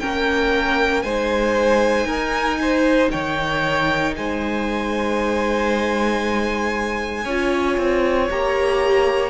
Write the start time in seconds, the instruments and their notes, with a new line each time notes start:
0.00 cello A#3, viola C#4, violin A#4 G5
1.02 cello G#3, viola D#4, violin C5 G#5
2.05 cello D#4, violin A#4
2.62 violin C5
3.11 cello D#3, violin C#5 G5
4.16 cello G#3, violin C5 G#5
7.24 cello C#4, viola F4, violin C#5
7.78 cello C4
8.30 cello A#3, viola G4, violin A#5